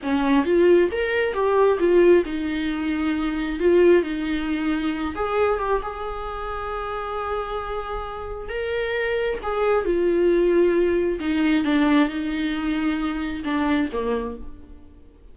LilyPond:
\new Staff \with { instrumentName = "viola" } { \time 4/4 \tempo 4 = 134 cis'4 f'4 ais'4 g'4 | f'4 dis'2. | f'4 dis'2~ dis'8 gis'8~ | gis'8 g'8 gis'2.~ |
gis'2. ais'4~ | ais'4 gis'4 f'2~ | f'4 dis'4 d'4 dis'4~ | dis'2 d'4 ais4 | }